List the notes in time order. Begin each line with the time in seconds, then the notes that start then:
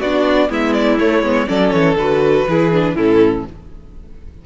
0.00 B3 D4 F#4 D5
0.49 G#3 B3 E4 E5
0.74 D5
0.99 A3 C#5
1.22 G#3 B3
1.46 F#3 C#4 A4 D5
1.71 E3 C#5
1.96 D3 F#4 B4
2.48 E3 E4 G#4
2.73 D4
2.95 A2 C#4 E4 A4